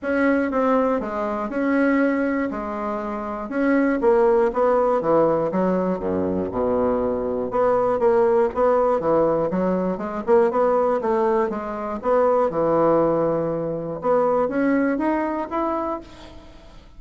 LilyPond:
\new Staff \with { instrumentName = "bassoon" } { \time 4/4 \tempo 4 = 120 cis'4 c'4 gis4 cis'4~ | cis'4 gis2 cis'4 | ais4 b4 e4 fis4 | fis,4 b,2 b4 |
ais4 b4 e4 fis4 | gis8 ais8 b4 a4 gis4 | b4 e2. | b4 cis'4 dis'4 e'4 | }